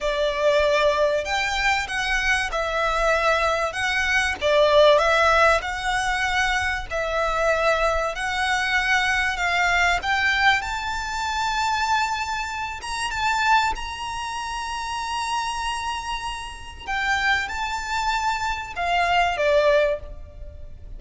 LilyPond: \new Staff \with { instrumentName = "violin" } { \time 4/4 \tempo 4 = 96 d''2 g''4 fis''4 | e''2 fis''4 d''4 | e''4 fis''2 e''4~ | e''4 fis''2 f''4 |
g''4 a''2.~ | a''8 ais''8 a''4 ais''2~ | ais''2. g''4 | a''2 f''4 d''4 | }